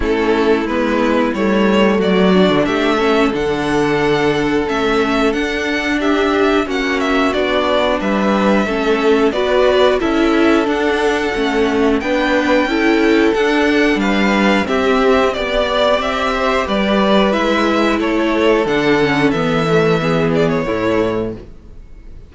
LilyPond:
<<
  \new Staff \with { instrumentName = "violin" } { \time 4/4 \tempo 4 = 90 a'4 b'4 cis''4 d''4 | e''4 fis''2 e''4 | fis''4 e''4 fis''8 e''8 d''4 | e''2 d''4 e''4 |
fis''2 g''2 | fis''4 f''4 e''4 d''4 | e''4 d''4 e''4 cis''4 | fis''4 e''4. d''16 cis''4~ cis''16 | }
  \new Staff \with { instrumentName = "violin" } { \time 4/4 e'2. fis'4 | g'8 a'2.~ a'8~ | a'4 g'4 fis'2 | b'4 a'4 b'4 a'4~ |
a'2 b'4 a'4~ | a'4 b'4 g'4 d''4~ | d''8 c''8 b'2 a'4~ | a'2 gis'4 e'4 | }
  \new Staff \with { instrumentName = "viola" } { \time 4/4 cis'4 b4 a4. d'8~ | d'8 cis'8 d'2 cis'4 | d'2 cis'4 d'4~ | d'4 cis'4 fis'4 e'4 |
d'4 cis'4 d'4 e'4 | d'2 c'4 g'4~ | g'2 e'2 | d'8 cis'8 b8 a8 b4 a4 | }
  \new Staff \with { instrumentName = "cello" } { \time 4/4 a4 gis4 g4 fis8. d16 | a4 d2 a4 | d'2 ais4 b4 | g4 a4 b4 cis'4 |
d'4 a4 b4 cis'4 | d'4 g4 c'4 b4 | c'4 g4 gis4 a4 | d4 e2 a,4 | }
>>